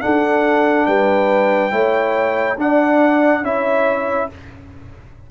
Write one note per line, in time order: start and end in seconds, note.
0.00 1.70 D4
0.00 0.86 D4
0.00 0.87 A4
0.00 0.85 F#5
0.85 1.72 G3
0.85 1.72 B4
0.85 2.57 G5
1.70 2.57 A3
1.70 2.56 E4
1.70 2.58 C#5
2.57 3.42 D4
2.57 3.43 D4
2.57 3.43 D5
2.57 3.44 F#5
3.42 4.28 C#4
3.42 4.29 E4
3.42 4.29 C#5
3.42 4.30 E5